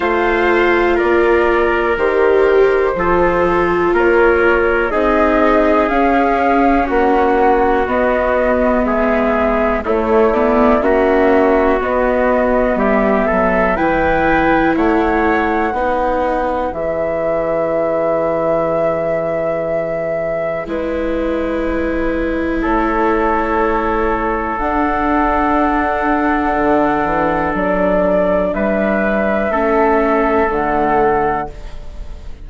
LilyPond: <<
  \new Staff \with { instrumentName = "flute" } { \time 4/4 \tempo 4 = 61 f''4 d''4 c''2 | cis''4 dis''4 f''4 fis''4 | dis''4 e''4 cis''8 d''8 e''4 | dis''4 e''4 g''4 fis''4~ |
fis''4 e''2.~ | e''4 b'2 cis''4~ | cis''4 fis''2. | d''4 e''2 fis''4 | }
  \new Staff \with { instrumentName = "trumpet" } { \time 4/4 c''4 ais'2 a'4 | ais'4 gis'2 fis'4~ | fis'4 gis'4 e'4 fis'4~ | fis'4 g'8 a'8 b'4 cis''4 |
b'1~ | b'2. a'4~ | a'1~ | a'4 b'4 a'2 | }
  \new Staff \with { instrumentName = "viola" } { \time 4/4 f'2 g'4 f'4~ | f'4 dis'4 cis'2 | b2 a8 b8 cis'4 | b2 e'2 |
dis'4 gis'2.~ | gis'4 e'2.~ | e'4 d'2.~ | d'2 cis'4 a4 | }
  \new Staff \with { instrumentName = "bassoon" } { \time 4/4 a4 ais4 dis4 f4 | ais4 c'4 cis'4 ais4 | b4 gis4 a4 ais4 | b4 g8 fis8 e4 a4 |
b4 e2.~ | e4 gis2 a4~ | a4 d'2 d8 e8 | fis4 g4 a4 d4 | }
>>